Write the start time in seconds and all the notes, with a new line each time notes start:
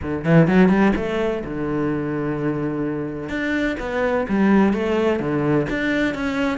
0.02 D3
0.24 E3
0.47 F#3
0.69 G3
0.96 A3
1.44 D3
3.29 D4
3.79 B3
4.28 G3
4.73 A3
5.19 D3
5.69 D4
6.14 C#4